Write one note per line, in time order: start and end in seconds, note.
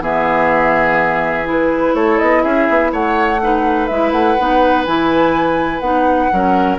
0.00 1.94 E3
0.00 1.45 B3
0.00 1.95 G#4
0.00 1.48 E5
1.45 3.38 E4
1.45 1.95 B4
1.94 2.18 A3
1.94 2.43 A4
1.94 2.18 C#5
2.18 2.44 B3
2.18 2.43 D#5
2.43 2.68 C#4
2.43 2.92 G#4
2.43 2.91 E5
2.69 2.92 B3
2.92 3.89 A3
2.92 3.40 C#5
2.92 3.87 F#5
3.42 3.91 D#4
3.42 6.33 B4
3.87 4.12 G#3
3.87 4.39 E4
3.87 4.11 E5
4.12 4.36 A3
4.12 4.84 F#5
4.39 4.87 B3
4.39 4.86 D#4
4.85 5.81 E3
4.85 5.82 E4
4.85 5.79 G#5
5.79 6.29 B3
5.79 6.30 D#4
5.79 6.76 F#5
6.32 6.79 F#3
6.32 6.79 C#4
6.32 6.79 A#4